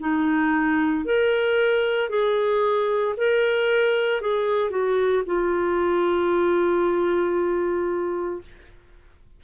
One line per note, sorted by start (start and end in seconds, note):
0.00 1.05 D#4
1.05 2.10 A#4
2.10 3.15 G#4
3.17 4.21 A#4
4.21 4.71 G#4
4.71 5.23 F#4
5.26 8.42 F4